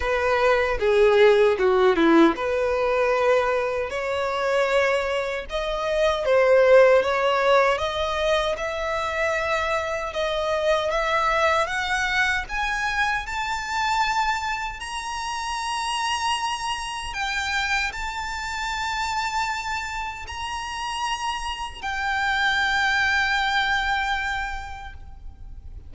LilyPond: \new Staff \with { instrumentName = "violin" } { \time 4/4 \tempo 4 = 77 b'4 gis'4 fis'8 e'8 b'4~ | b'4 cis''2 dis''4 | c''4 cis''4 dis''4 e''4~ | e''4 dis''4 e''4 fis''4 |
gis''4 a''2 ais''4~ | ais''2 g''4 a''4~ | a''2 ais''2 | g''1 | }